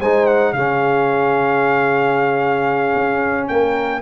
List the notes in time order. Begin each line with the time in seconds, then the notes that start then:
0.00 G#3 D#4 C5 G#5
0.26 F#5
0.52 C#3 C#4 G#4 F5
2.95 C#4
3.48 A#3 A#4 G5